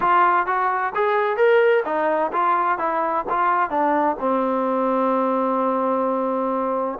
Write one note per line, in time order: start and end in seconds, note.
0.00 0.46 F4
0.46 0.93 F#4
0.94 1.37 G#4
1.37 1.83 A#4
1.85 2.31 D#4
2.32 2.78 F4
2.78 3.25 E4
3.29 3.70 F4
3.70 4.16 D4
4.19 6.98 C4